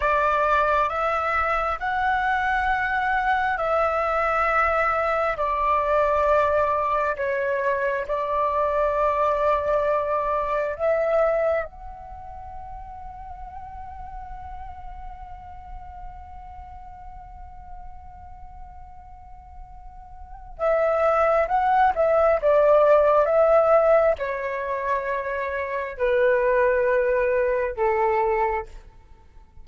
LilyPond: \new Staff \with { instrumentName = "flute" } { \time 4/4 \tempo 4 = 67 d''4 e''4 fis''2 | e''2 d''2 | cis''4 d''2. | e''4 fis''2.~ |
fis''1~ | fis''2. e''4 | fis''8 e''8 d''4 e''4 cis''4~ | cis''4 b'2 a'4 | }